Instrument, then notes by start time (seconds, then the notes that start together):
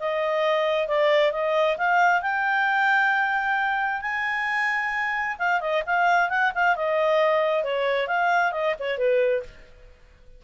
clarinet
0.00 D#5
0.88 D5
1.32 D#5
1.77 F5
2.22 G5
4.02 G#5
5.38 F5
5.61 D#5
5.86 F5
6.30 F#5
6.55 F5
6.76 D#5
7.64 C#5
8.08 F5
8.52 D#5
8.80 C#5
8.98 B4